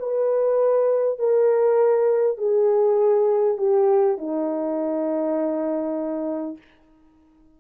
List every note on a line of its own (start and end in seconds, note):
0.00 1.19 B4
1.19 2.38 A#4
2.38 3.58 G#4
3.58 4.18 G4
4.18 6.58 D#4